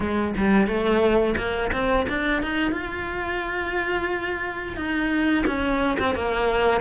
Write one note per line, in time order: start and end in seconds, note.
0.00 0.34 G#3
0.37 0.67 G3
0.67 1.35 A3
1.37 1.71 A#3
1.72 2.06 C4
2.08 2.42 D4
2.42 2.71 D#4
2.71 4.76 F4
4.76 5.44 D#4
5.46 5.97 C#4
5.99 6.15 C4
6.15 6.80 A#3